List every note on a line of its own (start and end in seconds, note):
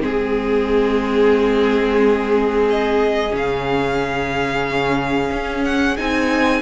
0.00 3.31 G#3
0.00 3.30 C4
0.00 2.66 G#4
0.00 6.61 G#4
2.69 3.35 D#5
3.30 5.30 C#3
3.30 5.94 C#4
3.30 5.64 F5
5.31 5.97 C#4
5.64 5.96 F#5
5.96 6.61 C4
5.96 6.61 D#4
5.96 6.61 G#5